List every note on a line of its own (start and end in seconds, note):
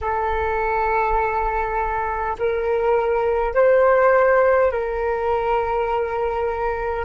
0.01 2.36 A4
2.39 3.54 A#4
3.54 4.71 C5
4.71 7.05 A#4